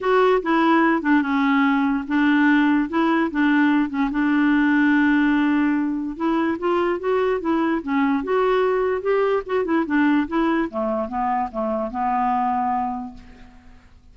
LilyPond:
\new Staff \with { instrumentName = "clarinet" } { \time 4/4 \tempo 4 = 146 fis'4 e'4. d'8 cis'4~ | cis'4 d'2 e'4 | d'4. cis'8 d'2~ | d'2. e'4 |
f'4 fis'4 e'4 cis'4 | fis'2 g'4 fis'8 e'8 | d'4 e'4 a4 b4 | a4 b2. | }